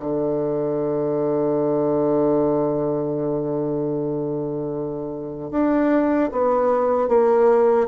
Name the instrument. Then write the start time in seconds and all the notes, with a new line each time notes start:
bassoon
0.00 D3
5.52 D4
6.32 B3
7.09 A#3